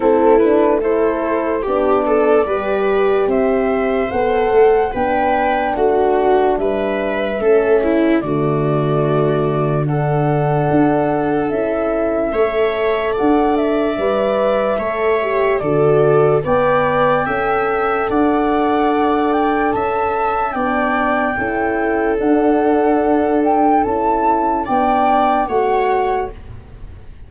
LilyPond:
<<
  \new Staff \with { instrumentName = "flute" } { \time 4/4 \tempo 4 = 73 a'8 b'8 c''4 d''2 | e''4 fis''4 g''4 fis''4 | e''2 d''2 | fis''2 e''2 |
fis''8 e''2~ e''8 d''4 | g''2 fis''4. g''8 | a''4 g''2 fis''4~ | fis''8 g''8 a''4 g''4 fis''4 | }
  \new Staff \with { instrumentName = "viola" } { \time 4/4 e'4 a'4 g'8 a'8 b'4 | c''2 b'4 fis'4 | b'4 a'8 e'8 fis'2 | a'2. cis''4 |
d''2 cis''4 a'4 | d''4 e''4 d''2 | e''4 d''4 a'2~ | a'2 d''4 cis''4 | }
  \new Staff \with { instrumentName = "horn" } { \time 4/4 c'8 d'8 e'4 d'4 g'4~ | g'4 a'4 d'2~ | d'4 cis'4 a2 | d'2 e'4 a'4~ |
a'4 b'4 a'8 g'8 fis'4 | b'4 a'2.~ | a'4 d'4 e'4 d'4~ | d'4 e'4 d'4 fis'4 | }
  \new Staff \with { instrumentName = "tuba" } { \time 4/4 a2 b4 g4 | c'4 b8 a8 b4 a4 | g4 a4 d2~ | d4 d'4 cis'4 a4 |
d'4 g4 a4 d4 | b4 cis'4 d'2 | cis'4 b4 cis'4 d'4~ | d'4 cis'4 b4 a4 | }
>>